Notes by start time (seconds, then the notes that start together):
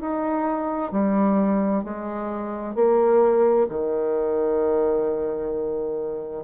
0.00 D#4
0.91 G3
1.83 G#3
2.75 A#3
3.69 D#3